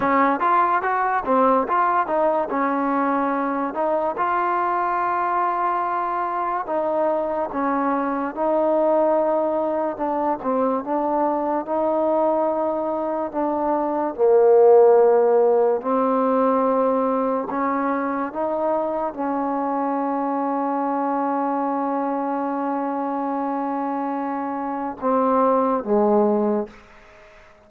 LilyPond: \new Staff \with { instrumentName = "trombone" } { \time 4/4 \tempo 4 = 72 cis'8 f'8 fis'8 c'8 f'8 dis'8 cis'4~ | cis'8 dis'8 f'2. | dis'4 cis'4 dis'2 | d'8 c'8 d'4 dis'2 |
d'4 ais2 c'4~ | c'4 cis'4 dis'4 cis'4~ | cis'1~ | cis'2 c'4 gis4 | }